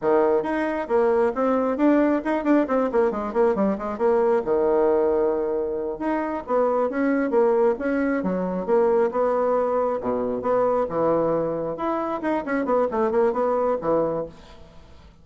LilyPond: \new Staff \with { instrumentName = "bassoon" } { \time 4/4 \tempo 4 = 135 dis4 dis'4 ais4 c'4 | d'4 dis'8 d'8 c'8 ais8 gis8 ais8 | g8 gis8 ais4 dis2~ | dis4. dis'4 b4 cis'8~ |
cis'8 ais4 cis'4 fis4 ais8~ | ais8 b2 b,4 b8~ | b8 e2 e'4 dis'8 | cis'8 b8 a8 ais8 b4 e4 | }